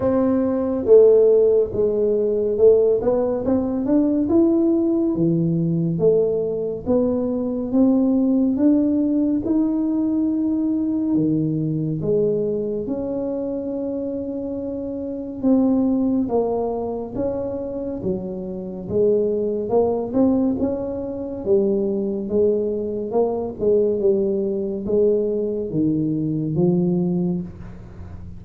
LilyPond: \new Staff \with { instrumentName = "tuba" } { \time 4/4 \tempo 4 = 70 c'4 a4 gis4 a8 b8 | c'8 d'8 e'4 e4 a4 | b4 c'4 d'4 dis'4~ | dis'4 dis4 gis4 cis'4~ |
cis'2 c'4 ais4 | cis'4 fis4 gis4 ais8 c'8 | cis'4 g4 gis4 ais8 gis8 | g4 gis4 dis4 f4 | }